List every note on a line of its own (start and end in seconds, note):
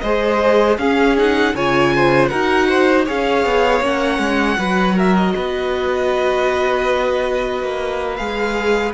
0.00 0.78 G#3
0.00 0.80 G#4
0.00 0.78 C5
0.00 0.76 D#5
0.78 1.54 C#4
0.78 1.18 C#4
0.78 1.55 G#4
0.78 1.16 F5
1.18 1.56 D#4
1.18 1.56 F#5
1.54 2.30 C#3
1.54 2.31 F4
1.54 1.93 C#5
1.54 2.28 G#5
1.96 2.30 C5
2.28 3.09 D#4
2.28 3.06 F#4
2.28 2.68 A#4
2.28 3.03 F#5
2.69 3.05 C5
3.05 3.45 C#4
3.05 3.82 G#4
3.05 4.57 C#5
3.05 3.85 F5
3.45 3.81 B3
3.81 4.18 A#3
3.81 4.56 C#4
3.81 4.98 F#5
4.18 4.56 G#3
4.56 5.34 F#3
4.56 8.17 F#4
4.56 4.96 B4
4.96 5.34 A#4
4.96 5.16 E5
5.16 8.16 D#5
5.36 7.62 B3
5.36 8.94 B4
7.62 8.19 A#3
8.16 8.94 G#3
8.16 8.94 G#4
8.16 8.92 F5